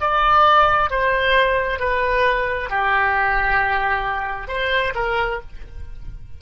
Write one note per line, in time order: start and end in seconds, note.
0.00 0.90 D5
0.90 1.79 C5
1.79 2.70 B4
2.70 4.48 G4
4.48 4.93 C5
4.95 5.40 A#4